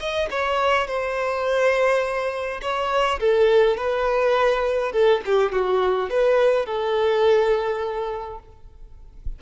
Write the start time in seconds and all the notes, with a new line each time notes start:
0.00 D#5
0.31 C#5
0.88 C5
2.62 C#5
3.20 A4
3.77 B4
4.92 A4
5.26 G4
5.53 F#4
6.10 B4
6.66 A4